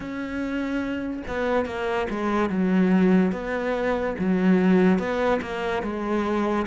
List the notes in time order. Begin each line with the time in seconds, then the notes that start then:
0.00 C#4
1.27 B3
1.65 A#3
2.09 G#3
2.49 F#3
3.32 B3
4.18 F#3
4.98 B3
5.41 A#3
5.82 G#3